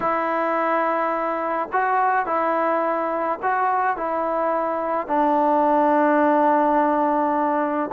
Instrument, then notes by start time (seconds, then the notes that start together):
trombone
0.00 E4
1.72 F#4
2.26 E4
3.42 F#4
3.96 E4
5.07 D4